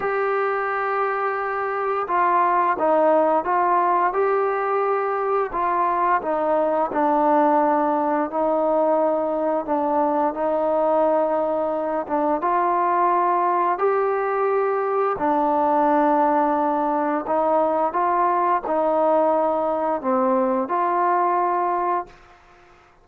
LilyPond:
\new Staff \with { instrumentName = "trombone" } { \time 4/4 \tempo 4 = 87 g'2. f'4 | dis'4 f'4 g'2 | f'4 dis'4 d'2 | dis'2 d'4 dis'4~ |
dis'4. d'8 f'2 | g'2 d'2~ | d'4 dis'4 f'4 dis'4~ | dis'4 c'4 f'2 | }